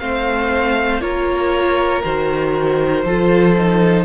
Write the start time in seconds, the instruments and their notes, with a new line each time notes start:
0.00 cello A3, viola C4, violin C5 F5
1.01 cello A#3, viola F4, violin A#4 C#5
2.04 cello D#3, viola F#4, violin C5
3.05 cello F3, viola F4, violin A4
3.58 viola D#4